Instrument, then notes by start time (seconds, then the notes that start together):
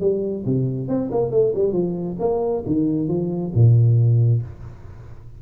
tuba
0.00 G3
0.45 C3
0.88 C4
1.11 A#3
1.31 A3
1.55 G3
1.72 F3
2.19 A#3
2.66 D#3
3.08 F3
3.54 A#2